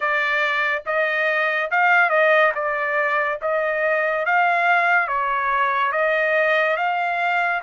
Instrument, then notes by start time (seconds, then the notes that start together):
trumpet
0.00 D5
0.86 D#5
1.70 F5
2.09 D#5
2.54 D5
3.41 D#5
4.25 F5
5.07 C#5
5.92 D#5
6.76 F5